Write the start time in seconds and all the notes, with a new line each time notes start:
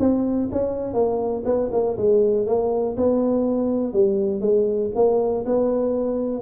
0.00 C4
0.52 C#4
0.94 A#3
1.46 B3
1.72 A#3
1.97 G#3
2.47 A#3
2.97 B3
3.94 G3
4.41 G#3
4.96 A#3
5.46 B3